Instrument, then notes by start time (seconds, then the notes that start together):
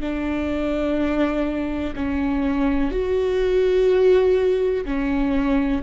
viola
0.00 D4
1.96 C#4
2.91 F#4
4.85 C#4